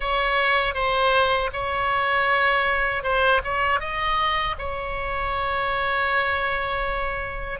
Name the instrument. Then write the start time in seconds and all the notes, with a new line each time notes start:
oboe
0.00 C#5
0.74 C5
1.52 C#5
3.03 C5
3.43 C#5
3.79 D#5
4.58 C#5